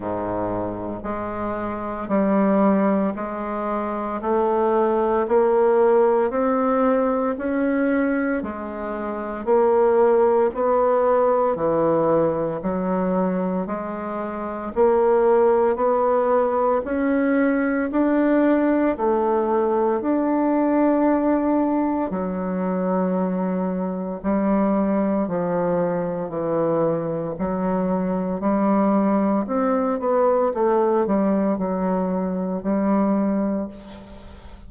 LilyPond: \new Staff \with { instrumentName = "bassoon" } { \time 4/4 \tempo 4 = 57 gis,4 gis4 g4 gis4 | a4 ais4 c'4 cis'4 | gis4 ais4 b4 e4 | fis4 gis4 ais4 b4 |
cis'4 d'4 a4 d'4~ | d'4 fis2 g4 | f4 e4 fis4 g4 | c'8 b8 a8 g8 fis4 g4 | }